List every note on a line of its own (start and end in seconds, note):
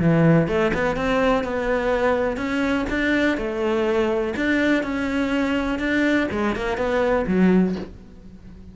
0.00 0.48 E3
0.48 0.73 A3
0.74 0.97 B3
0.97 1.44 C4
1.44 2.38 B3
2.38 2.86 C#4
2.90 3.38 D4
3.38 4.34 A3
4.37 4.83 D4
4.83 5.80 C#4
5.80 6.28 D4
6.32 6.56 G#3
6.56 6.78 A#3
6.78 7.26 B3
7.28 7.76 F#3